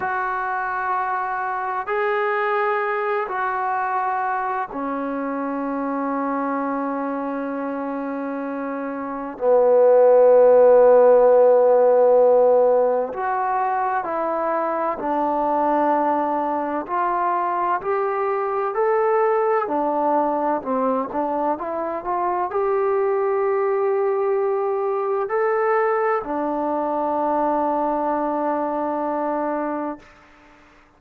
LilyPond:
\new Staff \with { instrumentName = "trombone" } { \time 4/4 \tempo 4 = 64 fis'2 gis'4. fis'8~ | fis'4 cis'2.~ | cis'2 b2~ | b2 fis'4 e'4 |
d'2 f'4 g'4 | a'4 d'4 c'8 d'8 e'8 f'8 | g'2. a'4 | d'1 | }